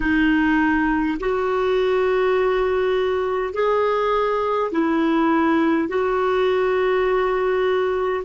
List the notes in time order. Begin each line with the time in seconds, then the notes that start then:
0.00 D#4
1.20 F#4
3.53 G#4
4.71 E4
5.88 F#4